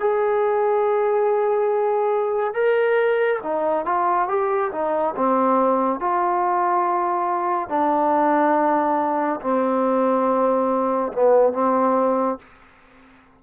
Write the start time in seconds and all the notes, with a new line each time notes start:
0.00 G#4
2.54 A#4
3.43 D#4
3.86 F4
4.28 G4
4.72 D#4
5.16 C4
6.00 F4
7.69 D4
9.41 C4
11.13 B3
11.53 C4